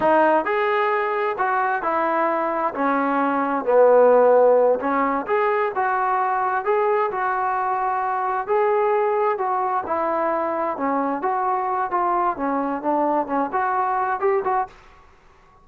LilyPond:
\new Staff \with { instrumentName = "trombone" } { \time 4/4 \tempo 4 = 131 dis'4 gis'2 fis'4 | e'2 cis'2 | b2~ b8 cis'4 gis'8~ | gis'8 fis'2 gis'4 fis'8~ |
fis'2~ fis'8 gis'4.~ | gis'8 fis'4 e'2 cis'8~ | cis'8 fis'4. f'4 cis'4 | d'4 cis'8 fis'4. g'8 fis'8 | }